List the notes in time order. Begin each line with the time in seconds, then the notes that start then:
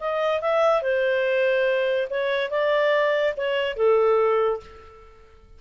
0.00 D#5
0.41 E5
0.82 C5
2.10 C#5
2.50 D5
3.37 C#5
3.76 A4